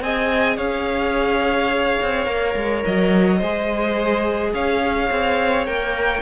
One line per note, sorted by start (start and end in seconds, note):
0.00 0.56 C4
0.00 2.25 G#4
0.00 0.56 D#5
0.00 0.57 G#5
0.56 1.98 C#4
0.56 3.38 C#5
0.56 2.83 F5
2.02 2.26 C4
2.25 2.55 A#3
2.25 3.38 A#4
2.56 2.84 G#3
2.85 3.41 F#3
2.85 4.54 D#5
3.38 4.53 G#3
3.38 5.66 G#4
3.38 4.51 C5
4.53 5.10 C#4
4.53 6.22 C#5
4.53 5.66 F5
5.10 5.67 C4
5.66 6.22 A#3
5.66 6.22 A#4
5.66 6.22 G5